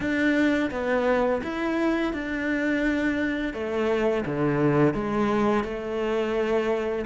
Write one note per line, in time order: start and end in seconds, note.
0.00 0.70 D4
0.71 1.41 B3
1.43 2.13 E4
2.13 3.53 D4
3.53 4.24 A3
4.25 4.94 D3
4.94 5.64 G#3
5.64 7.05 A3